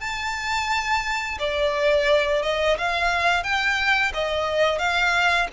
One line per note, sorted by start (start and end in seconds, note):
0.00 1.38 A5
1.39 2.42 D5
2.42 2.77 D#5
2.78 3.43 F5
3.43 4.12 G5
4.14 4.78 D#5
4.78 5.47 F5